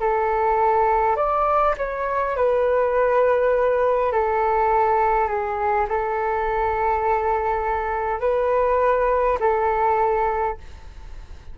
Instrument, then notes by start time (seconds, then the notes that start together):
flute
0.00 A4
1.17 D5
1.78 C#5
2.36 B4
4.12 A4
5.28 G#4
5.89 A4
8.20 B4
9.40 A4